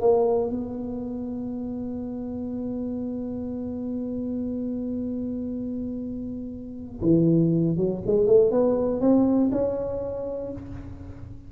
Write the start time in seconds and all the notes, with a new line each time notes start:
0.00 A#3
0.50 B3
7.02 E3
7.77 F#3
8.06 G#3
8.27 A3
8.51 B3
9.00 C4
9.52 C#4